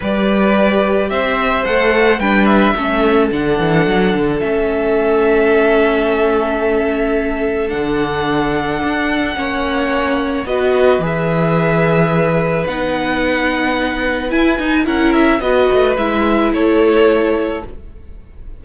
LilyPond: <<
  \new Staff \with { instrumentName = "violin" } { \time 4/4 \tempo 4 = 109 d''2 e''4 fis''4 | g''8 e''4. fis''2 | e''1~ | e''2 fis''2~ |
fis''2. dis''4 | e''2. fis''4~ | fis''2 gis''4 fis''8 e''8 | dis''4 e''4 cis''2 | }
  \new Staff \with { instrumentName = "violin" } { \time 4/4 b'2 c''2 | b'4 a'2.~ | a'1~ | a'1~ |
a'4 cis''2 b'4~ | b'1~ | b'2. ais'4 | b'2 a'2 | }
  \new Staff \with { instrumentName = "viola" } { \time 4/4 g'2. a'4 | d'4 cis'4 d'2 | cis'1~ | cis'2 d'2~ |
d'4 cis'2 fis'4 | gis'2. dis'4~ | dis'2 e'8 dis'8 e'4 | fis'4 e'2. | }
  \new Staff \with { instrumentName = "cello" } { \time 4/4 g2 c'4 a4 | g4 a4 d8 e8 fis8 d8 | a1~ | a2 d2 |
d'4 ais2 b4 | e2. b4~ | b2 e'8 dis'8 cis'4 | b8 a8 gis4 a2 | }
>>